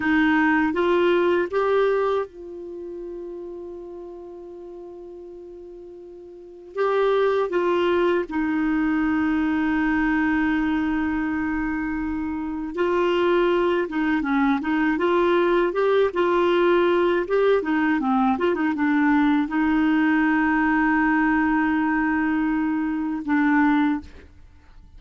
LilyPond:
\new Staff \with { instrumentName = "clarinet" } { \time 4/4 \tempo 4 = 80 dis'4 f'4 g'4 f'4~ | f'1~ | f'4 g'4 f'4 dis'4~ | dis'1~ |
dis'4 f'4. dis'8 cis'8 dis'8 | f'4 g'8 f'4. g'8 dis'8 | c'8 f'16 dis'16 d'4 dis'2~ | dis'2. d'4 | }